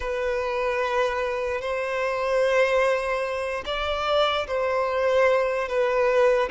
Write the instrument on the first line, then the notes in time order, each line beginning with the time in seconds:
violin
0.00 B4
1.61 C5
3.65 D5
4.47 C5
5.68 B4